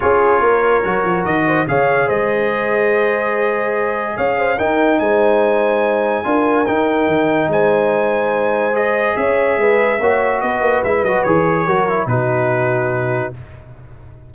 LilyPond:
<<
  \new Staff \with { instrumentName = "trumpet" } { \time 4/4 \tempo 4 = 144 cis''2. dis''4 | f''4 dis''2.~ | dis''2 f''4 g''4 | gis''1 |
g''2 gis''2~ | gis''4 dis''4 e''2~ | e''4 dis''4 e''8 dis''8 cis''4~ | cis''4 b'2. | }
  \new Staff \with { instrumentName = "horn" } { \time 4/4 gis'4 ais'2~ ais'8 c''8 | cis''4 c''2.~ | c''2 cis''8 c''8 ais'4 | c''2. ais'4~ |
ais'2 c''2~ | c''2 cis''4 b'4 | cis''4 b'2. | ais'4 fis'2. | }
  \new Staff \with { instrumentName = "trombone" } { \time 4/4 f'2 fis'2 | gis'1~ | gis'2. dis'4~ | dis'2. f'4 |
dis'1~ | dis'4 gis'2. | fis'2 e'8 fis'8 gis'4 | fis'8 e'8 dis'2. | }
  \new Staff \with { instrumentName = "tuba" } { \time 4/4 cis'4 ais4 fis8 f8 dis4 | cis4 gis2.~ | gis2 cis'4 dis'4 | gis2. d'4 |
dis'4 dis4 gis2~ | gis2 cis'4 gis4 | ais4 b8 ais8 gis8 fis8 e4 | fis4 b,2. | }
>>